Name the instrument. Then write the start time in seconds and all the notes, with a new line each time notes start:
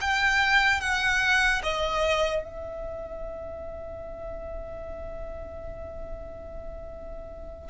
violin
0.00 G5
0.80 F#5
1.63 D#5
2.43 E5